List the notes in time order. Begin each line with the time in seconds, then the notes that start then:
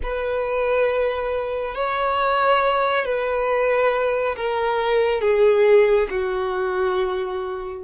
0.02 B4
1.74 C#5
3.05 B4
4.36 A#4
5.21 G#4
6.09 F#4